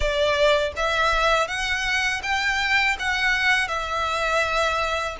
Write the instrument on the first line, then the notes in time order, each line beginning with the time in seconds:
violin
0.00 D5
0.76 E5
1.47 F#5
2.22 G5
2.99 F#5
3.68 E5